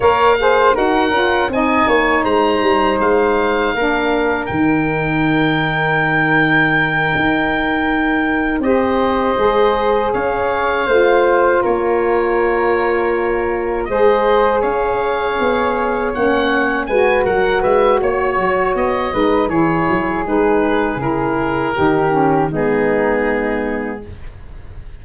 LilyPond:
<<
  \new Staff \with { instrumentName = "oboe" } { \time 4/4 \tempo 4 = 80 f''4 fis''4 gis''4 ais''4 | f''2 g''2~ | g''2.~ g''8 dis''8~ | dis''4. f''2 cis''8~ |
cis''2~ cis''8 dis''4 f''8~ | f''4. fis''4 gis''8 fis''8 e''8 | cis''4 dis''4 cis''4 b'4 | ais'2 gis'2 | }
  \new Staff \with { instrumentName = "flute" } { \time 4/4 cis''8 c''8 ais'4 dis''8 cis''8 c''4~ | c''4 ais'2.~ | ais'2.~ ais'8 c''8~ | c''4. cis''4 c''4 ais'8~ |
ais'2~ ais'8 c''4 cis''8~ | cis''2~ cis''8 b'8 ais'8 b'8 | cis''4. b'8 gis'2~ | gis'4 g'4 dis'2 | }
  \new Staff \with { instrumentName = "saxophone" } { \time 4/4 ais'8 gis'8 fis'8 f'8 dis'2~ | dis'4 d'4 dis'2~ | dis'2.~ dis'8 g'8~ | g'8 gis'2 f'4.~ |
f'2~ f'8 gis'4.~ | gis'4. cis'4 fis'4.~ | fis'4. dis'8 e'4 dis'4 | e'4 dis'8 cis'8 b2 | }
  \new Staff \with { instrumentName = "tuba" } { \time 4/4 ais4 dis'8 cis'8 c'8 ais8 gis8 g8 | gis4 ais4 dis2~ | dis4. dis'2 c'8~ | c'8 gis4 cis'4 a4 ais8~ |
ais2~ ais8 gis4 cis'8~ | cis'8 b4 ais4 gis8 fis8 gis8 | ais8 fis8 b8 gis8 e8 fis8 gis4 | cis4 dis4 gis2 | }
>>